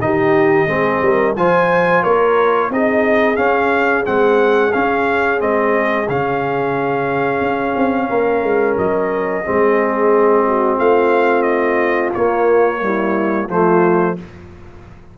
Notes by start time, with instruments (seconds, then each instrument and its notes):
0.00 tuba D#3, trombone D#4, horn G4, trumpet D#5
0.67 tuba G#3, trombone C4, horn G#4
1.02 tuba G3, horn A#4
1.36 tuba F3, trombone F4, horn C5, trumpet G#5
2.03 tuba A#3, horn A#4, trumpet C#5
2.70 tuba C4, trombone D#4, horn G#4, trumpet D#5
3.37 trombone C#4, tuba C#4, trumpet F5
4.04 tuba G#3, trombone C4, trumpet F#5
4.73 trombone C#4, tuba C#4, trumpet F5
5.39 tuba G#3, trombone C4, trumpet D#5
6.09 tuba C#3, trombone C#4, trumpet F5
7.41 tuba C#4
7.76 tuba C4
8.09 tuba A#3, horn A#4
8.43 tuba G#3
8.77 tuba F#3, trumpet D#5
9.45 tuba G#3, trombone C4, horn G#4
10.47 horn F#4
10.78 tuba A3, horn F4, trumpet F5
11.42 trumpet D#5
12.14 trombone A#3, tuba A#3, trumpet C#5
12.81 trombone G3, horn E4
13.47 tuba F3, trombone A3, horn F4, trumpet C5